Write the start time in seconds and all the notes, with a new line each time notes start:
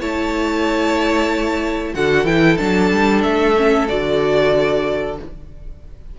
0.00 A3 E4 C#5 A5
1.94 D3 F#4 A4 F#5
2.24 E3 E4 G5
2.57 F#3 D4 A5
2.92 G3
3.23 A3 E5
3.57 C#4
3.88 D3 F#4 D5